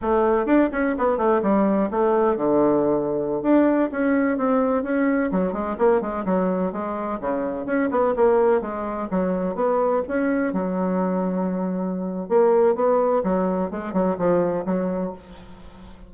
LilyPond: \new Staff \with { instrumentName = "bassoon" } { \time 4/4 \tempo 4 = 127 a4 d'8 cis'8 b8 a8 g4 | a4 d2~ d16 d'8.~ | d'16 cis'4 c'4 cis'4 fis8 gis16~ | gis16 ais8 gis8 fis4 gis4 cis8.~ |
cis16 cis'8 b8 ais4 gis4 fis8.~ | fis16 b4 cis'4 fis4.~ fis16~ | fis2 ais4 b4 | fis4 gis8 fis8 f4 fis4 | }